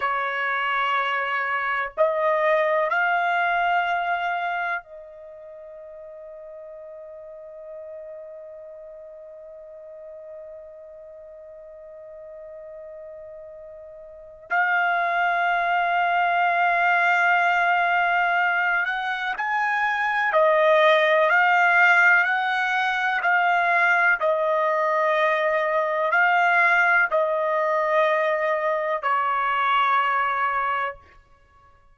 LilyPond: \new Staff \with { instrumentName = "trumpet" } { \time 4/4 \tempo 4 = 62 cis''2 dis''4 f''4~ | f''4 dis''2.~ | dis''1~ | dis''2. f''4~ |
f''2.~ f''8 fis''8 | gis''4 dis''4 f''4 fis''4 | f''4 dis''2 f''4 | dis''2 cis''2 | }